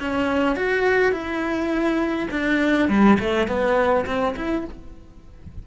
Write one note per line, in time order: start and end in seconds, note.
0.00 0.56 C#4
0.56 1.12 F#4
1.12 2.29 E4
2.31 2.89 D4
2.89 3.18 G3
3.20 3.48 A3
3.48 4.06 B3
4.06 4.35 C4
4.36 4.65 E4